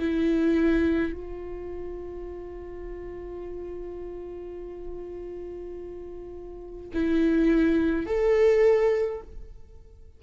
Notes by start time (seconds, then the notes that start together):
0.00 E4
1.13 F4
6.94 E4
8.07 A4